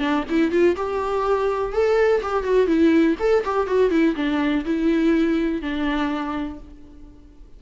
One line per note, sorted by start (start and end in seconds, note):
0.00 0.24 D4
0.30 0.52 E4
0.52 0.76 F4
0.77 1.73 G4
1.73 2.22 A4
2.23 2.44 G4
2.44 2.67 F#4
2.67 3.16 E4
3.20 3.44 A4
3.45 3.67 G4
3.67 3.91 F#4
3.91 4.16 E4
4.16 4.65 D4
4.65 5.62 E4
5.62 6.60 D4